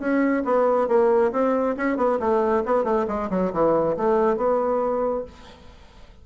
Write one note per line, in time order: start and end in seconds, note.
0.00 0.44 C#4
0.45 0.88 B3
0.88 1.32 A#3
1.33 1.76 C4
1.77 1.97 C#4
1.97 2.19 B3
2.20 2.64 A3
2.66 2.84 B3
2.84 3.06 A3
3.08 3.30 G#3
3.31 3.53 F#3
3.53 3.97 E3
3.97 4.38 A3
4.38 5.25 B3